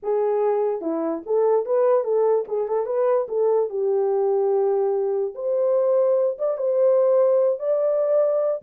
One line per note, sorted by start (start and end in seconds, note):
0.03 0.81 G#4
0.81 1.22 E4
1.26 1.65 A4
1.65 2.04 B4
2.04 2.45 A4
2.48 2.68 G#4
2.68 2.86 A4
2.86 3.27 B4
3.28 3.69 A4
3.69 5.34 G4
5.34 6.37 C5
6.38 6.57 D5
6.57 7.59 C5
7.59 8.62 D5